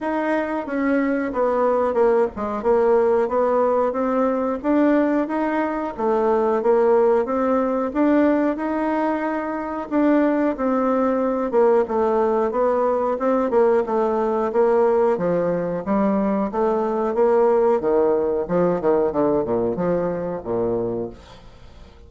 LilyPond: \new Staff \with { instrumentName = "bassoon" } { \time 4/4 \tempo 4 = 91 dis'4 cis'4 b4 ais8 gis8 | ais4 b4 c'4 d'4 | dis'4 a4 ais4 c'4 | d'4 dis'2 d'4 |
c'4. ais8 a4 b4 | c'8 ais8 a4 ais4 f4 | g4 a4 ais4 dis4 | f8 dis8 d8 ais,8 f4 ais,4 | }